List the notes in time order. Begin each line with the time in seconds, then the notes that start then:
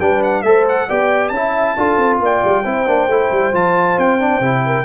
0.00 G3 D4 B4 G5
0.23 F#5
0.42 A3 A4 C5 E5
0.69 F#5
0.89 B3 G4 D5 G5
1.29 C#4 A5
1.35 E4 E5
1.77 D4 F4 A4
1.98 C4
2.20 A#3 D5 G5
2.44 G3
2.64 C4 E4 C5
2.87 A#3 D4
3.08 A3 E4
3.31 G3
3.53 F3 F4 A5
3.98 C4 G5
4.20 D4
4.40 C3 E4
4.65 A#4